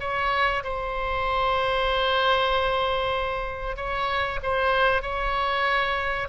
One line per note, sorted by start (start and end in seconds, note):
0.00 0.63 C#5
0.64 3.76 C5
3.76 4.40 C#5
4.43 5.02 C5
5.02 6.28 C#5